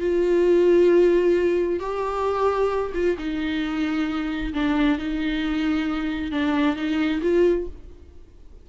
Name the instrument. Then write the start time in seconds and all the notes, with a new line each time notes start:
viola
0.00 F4
1.79 G4
2.94 F4
3.18 D#4
4.53 D4
4.98 D#4
6.32 D4
6.76 D#4
7.22 F4